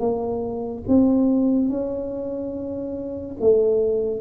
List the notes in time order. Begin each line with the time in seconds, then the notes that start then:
0.00 A#3
0.87 C4
1.69 C#4
3.41 A3